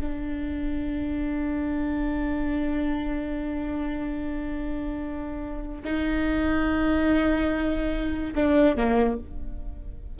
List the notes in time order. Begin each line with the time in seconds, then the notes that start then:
0.00 D4
5.85 D#4
8.35 D4
8.77 A#3